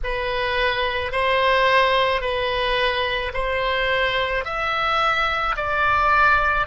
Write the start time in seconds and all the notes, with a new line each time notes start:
0.03 B4
1.12 C5
2.21 B4
3.33 C5
4.44 E5
5.56 D5